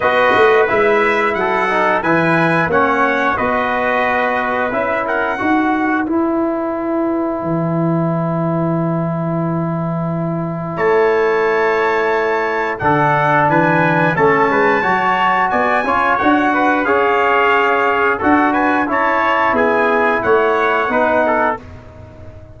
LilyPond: <<
  \new Staff \with { instrumentName = "trumpet" } { \time 4/4 \tempo 4 = 89 dis''4 e''4 fis''4 gis''4 | fis''4 dis''2 e''8 fis''8~ | fis''4 gis''2.~ | gis''1 |
a''2. fis''4 | gis''4 a''2 gis''4 | fis''4 f''2 fis''8 gis''8 | a''4 gis''4 fis''2 | }
  \new Staff \with { instrumentName = "trumpet" } { \time 4/4 b'2 a'4 b'4 | cis''4 b'2~ b'8 ais'8 | b'1~ | b'1 |
cis''2. a'4 | b'4 a'8 b'8 cis''4 d''8 cis''8~ | cis''8 b'8 cis''2 a'8 b'8 | cis''4 gis'4 cis''4 b'8 a'8 | }
  \new Staff \with { instrumentName = "trombone" } { \time 4/4 fis'4 e'4. dis'8 e'4 | cis'4 fis'2 e'4 | fis'4 e'2.~ | e'1~ |
e'2. d'4~ | d'4 cis'4 fis'4. f'8 | fis'4 gis'2 fis'4 | e'2. dis'4 | }
  \new Staff \with { instrumentName = "tuba" } { \time 4/4 b8 a8 gis4 fis4 e4 | ais4 b2 cis'4 | dis'4 e'2 e4~ | e1 |
a2. d4 | e4 a8 gis8 fis4 b8 cis'8 | d'4 cis'2 d'4 | cis'4 b4 a4 b4 | }
>>